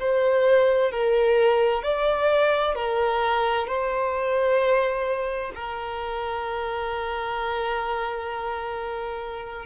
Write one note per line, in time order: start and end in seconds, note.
0.00 0.92 C5
0.92 1.83 A#4
1.83 2.75 D5
2.75 3.68 A#4
3.68 5.52 C5
5.56 9.66 A#4